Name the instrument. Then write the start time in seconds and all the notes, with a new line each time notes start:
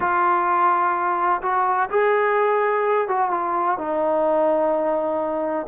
trombone
0.00 F4
1.42 F#4
1.89 G#4
3.08 F#4
3.30 F4
3.78 D#4